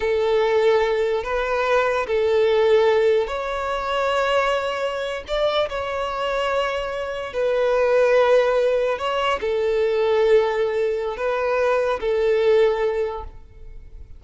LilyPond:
\new Staff \with { instrumentName = "violin" } { \time 4/4 \tempo 4 = 145 a'2. b'4~ | b'4 a'2. | cis''1~ | cis''8. d''4 cis''2~ cis''16~ |
cis''4.~ cis''16 b'2~ b'16~ | b'4.~ b'16 cis''4 a'4~ a'16~ | a'2. b'4~ | b'4 a'2. | }